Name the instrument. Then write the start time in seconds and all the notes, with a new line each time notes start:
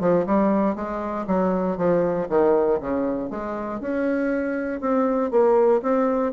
bassoon
0.00 F3
0.26 G3
0.75 G#3
1.27 F#3
1.77 F3
2.29 D#3
2.80 C#3
3.30 G#3
3.80 C#4
4.80 C4
5.31 A#3
5.82 C4